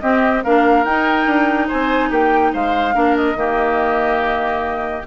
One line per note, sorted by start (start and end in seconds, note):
0.00 0.43 C4
0.00 0.44 C4
0.00 0.43 G4
0.00 0.42 D#5
0.43 0.85 A#3
0.43 0.86 D4
0.43 1.68 A#4
0.43 0.84 F5
0.84 1.26 D#4
0.84 2.93 D#4
0.84 1.68 G5
1.26 1.68 D4
1.68 2.10 C4
1.68 2.09 C5
1.68 2.11 G#5
2.09 2.52 A#3
2.09 2.51 G4
2.09 2.54 G5
2.53 2.95 G#3
2.53 2.95 C5
2.53 3.16 F5
2.93 3.35 A#3
2.93 3.35 D4
2.93 3.37 A#4
3.16 5.05 D#5
3.35 5.02 D#3
3.35 5.04 A#3
3.35 5.06 G4